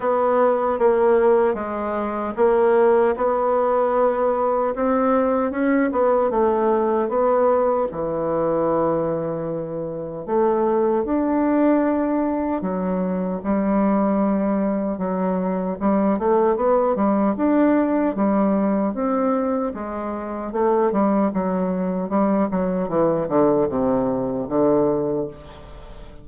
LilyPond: \new Staff \with { instrumentName = "bassoon" } { \time 4/4 \tempo 4 = 76 b4 ais4 gis4 ais4 | b2 c'4 cis'8 b8 | a4 b4 e2~ | e4 a4 d'2 |
fis4 g2 fis4 | g8 a8 b8 g8 d'4 g4 | c'4 gis4 a8 g8 fis4 | g8 fis8 e8 d8 c4 d4 | }